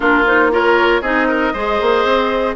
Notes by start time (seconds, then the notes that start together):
0.00 A#3 D4 F4 A#4
0.26 D#4 C5
0.51 F4 A#4 C#5
1.01 C4 D#4 G#4 D#5
1.28 A#4
1.53 G#3 G#4 C5
1.80 A#3
2.04 C4